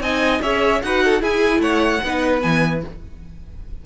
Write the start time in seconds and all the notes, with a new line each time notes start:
0.00 C4 D#4 D#5 G#5
0.41 C#4 G#4 C#5 E5
0.82 D#4 F#4 B4 F#5
1.04 A4
1.20 E4 G#4 G#5
1.59 A3 C#5 F#5
2.04 B3 D#4 B4
2.41 E3 B3 G#5